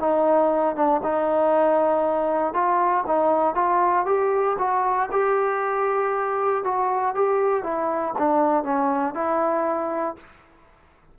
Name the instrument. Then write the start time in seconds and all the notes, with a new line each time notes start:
trombone
0.00 D#4
0.76 D4
1.03 D#4
2.54 F4
3.07 D#4
3.55 F4
4.06 G4
4.59 F#4
5.12 G4
6.64 F#4
7.15 G4
7.64 E4
8.19 D4
8.64 C#4
9.15 E4